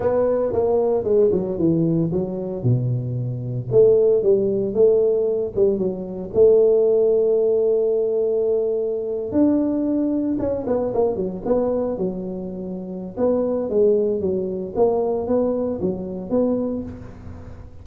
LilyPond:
\new Staff \with { instrumentName = "tuba" } { \time 4/4 \tempo 4 = 114 b4 ais4 gis8 fis8 e4 | fis4 b,2 a4 | g4 a4. g8 fis4 | a1~ |
a4.~ a16 d'2 cis'16~ | cis'16 b8 ais8 fis8 b4 fis4~ fis16~ | fis4 b4 gis4 fis4 | ais4 b4 fis4 b4 | }